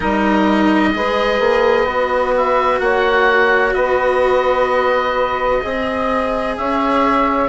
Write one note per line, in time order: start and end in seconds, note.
0.00 0.94 G3
0.00 0.93 D#4
0.00 0.91 A#4
0.00 2.34 D#5
0.94 1.39 G#3
0.94 1.86 G#4
0.94 2.81 B4
1.39 1.85 A#3
1.85 2.79 B3
1.85 5.61 F#4
2.37 2.79 E5
2.79 3.73 A#3
2.79 3.75 C#5
2.79 3.73 F#5
3.73 5.61 B3
3.73 5.62 B4
3.73 6.54 D#5
5.61 6.58 C4
5.61 7.48 G#4
5.61 6.56 D#5
6.56 7.49 C#4
6.56 7.49 C#5
6.56 7.49 E5